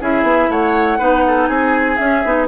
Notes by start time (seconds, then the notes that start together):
0.00 C#4 E4 G#4 E5
0.23 B3
0.49 A3 C#5 F#5
0.98 B3 D#4 B4
1.27 A4
1.46 C4 G#4 G#5
1.96 C#4 E5
2.24 B3 D#4